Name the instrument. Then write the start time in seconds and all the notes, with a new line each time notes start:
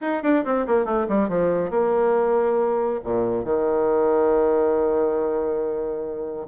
bassoon
0.01 D#4
0.23 D4
0.44 C4
0.67 A#3
0.85 A3
1.08 G3
1.28 F3
1.70 A#3
3.04 A#2
3.44 D#3